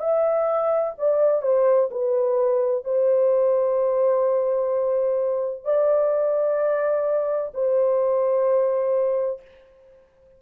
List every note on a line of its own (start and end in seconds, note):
0.00 0.94 E5
0.98 1.43 D5
1.43 1.90 C5
1.91 2.85 B4
2.85 5.65 C5
5.65 7.53 D5
7.54 9.42 C5